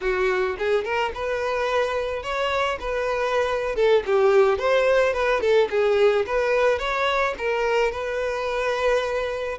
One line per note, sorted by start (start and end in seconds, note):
0.01 0.56 F#4
0.58 0.84 G#4
0.84 1.12 A#4
1.14 2.22 B4
2.22 2.78 C#5
2.80 3.75 B4
3.75 4.03 A4
4.06 4.58 G4
4.58 5.13 C5
5.13 5.40 B4
5.40 5.68 A4
5.70 6.25 G#4
6.26 6.79 B4
6.79 7.34 C#5
7.37 7.91 A#4
7.91 9.58 B4